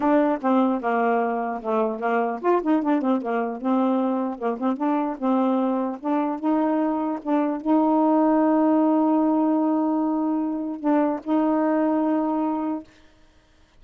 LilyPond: \new Staff \with { instrumentName = "saxophone" } { \time 4/4 \tempo 4 = 150 d'4 c'4 ais2 | a4 ais4 f'8 dis'8 d'8 c'8 | ais4 c'2 ais8 c'8 | d'4 c'2 d'4 |
dis'2 d'4 dis'4~ | dis'1~ | dis'2. d'4 | dis'1 | }